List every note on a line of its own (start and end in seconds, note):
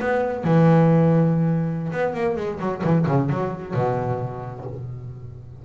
0.00 0.44 B3
0.44 1.92 E3
1.92 2.14 B3
2.14 2.36 A#3
2.36 2.59 G#3
2.60 2.82 F#3
2.83 3.06 E3
3.07 3.29 C#3
3.29 3.74 F#3
3.74 4.65 B2